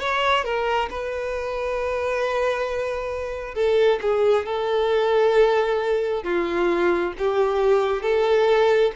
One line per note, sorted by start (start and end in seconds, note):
0.00 0.44 C#5
0.44 0.89 A#4
0.90 3.55 B4
3.55 3.99 A4
4.02 4.46 G#4
4.46 6.24 A4
6.24 7.13 F4
7.18 8.02 G4
8.02 8.92 A4